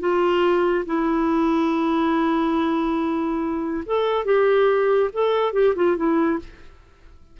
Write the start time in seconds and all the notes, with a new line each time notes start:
0.00 F4
0.86 E4
3.86 A4
4.25 G4
5.13 A4
5.53 G4
5.76 F4
5.97 E4